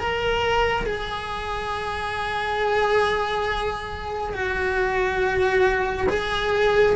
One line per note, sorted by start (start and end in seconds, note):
0.00 0.86 A#4
0.86 4.33 G#4
4.33 6.07 F#4
6.08 6.95 G#4